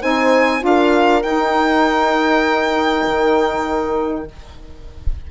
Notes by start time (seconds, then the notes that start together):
0.00 C4 D#4 C5 G#5
0.60 D4 F4
0.66 A#4 F5
1.22 D#4 G5
3.07 D#3